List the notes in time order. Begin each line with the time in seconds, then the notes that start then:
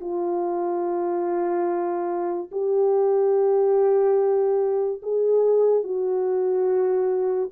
0.00 F4
2.51 G4
5.02 G#4
5.83 F#4